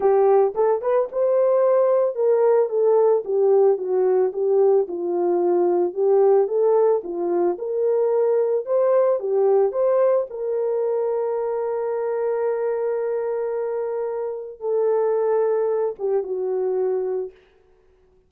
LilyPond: \new Staff \with { instrumentName = "horn" } { \time 4/4 \tempo 4 = 111 g'4 a'8 b'8 c''2 | ais'4 a'4 g'4 fis'4 | g'4 f'2 g'4 | a'4 f'4 ais'2 |
c''4 g'4 c''4 ais'4~ | ais'1~ | ais'2. a'4~ | a'4. g'8 fis'2 | }